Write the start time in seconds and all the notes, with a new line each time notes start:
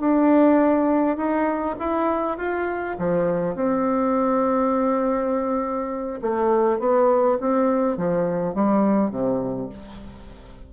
0.00 D4
1.17 D#4
1.79 E4
2.38 F4
2.98 F3
3.55 C4
6.22 A3
6.79 B3
7.41 C4
7.98 F3
8.55 G3
9.11 C3